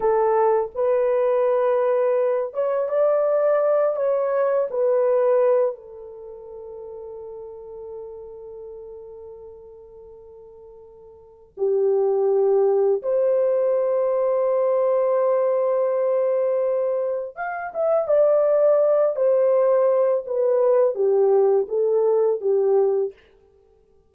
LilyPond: \new Staff \with { instrumentName = "horn" } { \time 4/4 \tempo 4 = 83 a'4 b'2~ b'8 cis''8 | d''4. cis''4 b'4. | a'1~ | a'1 |
g'2 c''2~ | c''1 | f''8 e''8 d''4. c''4. | b'4 g'4 a'4 g'4 | }